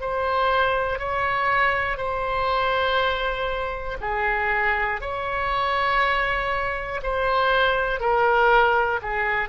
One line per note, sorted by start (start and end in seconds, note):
0.00 0.99 C5
0.99 1.97 C#5
1.97 3.97 C5
4.00 5.00 G#4
5.00 7.00 C#5
7.03 8.00 C5
8.00 9.00 A#4
9.01 9.49 G#4